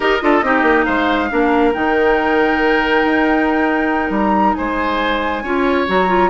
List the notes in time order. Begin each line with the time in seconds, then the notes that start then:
0.00 D#4 G4 A#4 D#5
0.20 D4 F4 A4
0.42 C4 D#4 G4
0.62 A#3
0.84 G#3 C5 F5
1.29 A#3 D4 A#4
1.73 D#3 D#4 G5
3.04 D#4
4.10 G3 A#5
4.54 G#3 C5 G#5
5.43 C#4 F4 C#5
5.87 F#3 F#4 A#5
6.08 F4